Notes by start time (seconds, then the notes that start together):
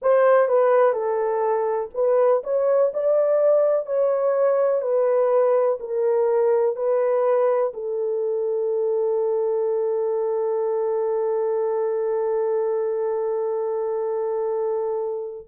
0.02 C5
0.48 B4
0.92 A4
1.94 B4
2.43 C#5
2.93 D5
3.85 C#5
4.81 B4
5.80 A#4
6.75 B4
7.73 A4